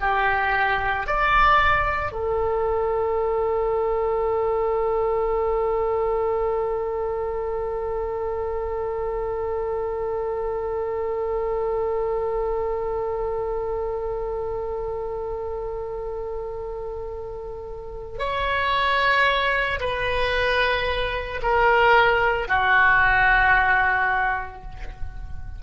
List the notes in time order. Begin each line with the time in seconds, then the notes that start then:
0.00 G4
1.07 D5
2.12 A4
18.19 C#5
19.80 B4
21.42 A#4
22.48 F#4